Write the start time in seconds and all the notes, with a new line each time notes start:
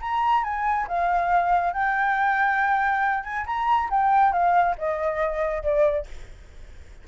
0.00 A#5
0.43 G#5
0.87 F5
1.73 G5
3.23 G#5
3.46 A#5
3.89 G5
4.32 F5
4.78 D#5
5.63 D5